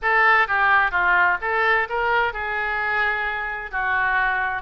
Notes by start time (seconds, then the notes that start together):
0.02 A4
0.47 G4
0.91 F4
1.41 A4
1.89 A#4
2.33 G#4
3.71 F#4